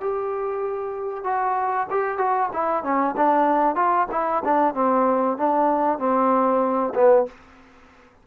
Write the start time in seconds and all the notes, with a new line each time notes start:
0.00 G4
1.24 F#4
1.90 G4
2.18 F#4
2.53 E4
2.83 C#4
3.16 D4
3.76 F4
4.11 E4
4.44 D4
4.74 C4
5.37 D4
5.98 C4
6.95 B3